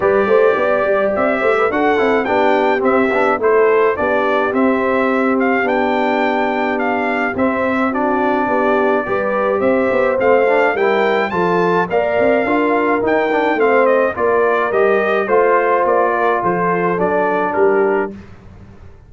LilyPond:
<<
  \new Staff \with { instrumentName = "trumpet" } { \time 4/4 \tempo 4 = 106 d''2 e''4 fis''4 | g''4 e''4 c''4 d''4 | e''4. f''8 g''2 | f''4 e''4 d''2~ |
d''4 e''4 f''4 g''4 | a''4 f''2 g''4 | f''8 dis''8 d''4 dis''4 c''4 | d''4 c''4 d''4 ais'4 | }
  \new Staff \with { instrumentName = "horn" } { \time 4/4 b'8 c''8 d''4. c''16 b'16 a'4 | g'2 a'4 g'4~ | g'1~ | g'2 fis'4 g'4 |
b'4 c''2 ais'4 | a'4 d''4 ais'2 | c''4 ais'2 c''4~ | c''8 ais'8 a'2 g'4 | }
  \new Staff \with { instrumentName = "trombone" } { \time 4/4 g'2. fis'8 e'8 | d'4 c'8 d'8 e'4 d'4 | c'2 d'2~ | d'4 c'4 d'2 |
g'2 c'8 d'8 e'4 | f'4 ais'4 f'4 dis'8 d'8 | c'4 f'4 g'4 f'4~ | f'2 d'2 | }
  \new Staff \with { instrumentName = "tuba" } { \time 4/4 g8 a8 b8 g8 c'8 a8 d'8 c'8 | b4 c'8 b8 a4 b4 | c'2 b2~ | b4 c'2 b4 |
g4 c'8 b8 a4 g4 | f4 ais8 c'8 d'4 dis'4 | a4 ais4 g4 a4 | ais4 f4 fis4 g4 | }
>>